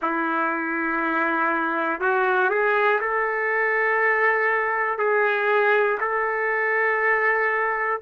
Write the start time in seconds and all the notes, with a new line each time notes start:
0.02 E4
2.00 F#4
2.50 G#4
3.00 A4
4.98 G#4
6.00 A4